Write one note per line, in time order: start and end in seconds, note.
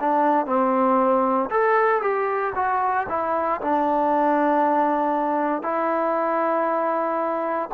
0.00 0.46 D4
0.46 1.49 C4
1.50 2.01 A4
2.01 2.53 G4
2.55 3.07 F#4
3.08 3.60 E4
3.61 5.62 D4
5.62 7.69 E4